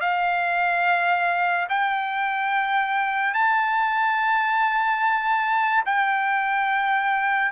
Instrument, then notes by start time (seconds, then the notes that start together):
trumpet
0.00 F5
1.69 G5
3.33 A5
5.85 G5